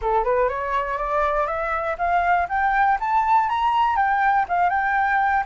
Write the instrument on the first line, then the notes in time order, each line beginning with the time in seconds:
flute
0.01 A4
0.23 B4
0.48 C#5
0.97 D5
1.47 E5
1.98 F5
2.48 G5
3.00 A5
3.49 A#5
3.95 G5
4.48 F5
4.69 G5